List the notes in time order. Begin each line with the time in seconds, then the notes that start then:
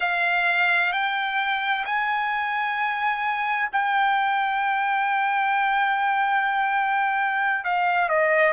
0.00 F5
0.92 G5
1.85 G#5
3.72 G5
7.64 F5
8.08 D#5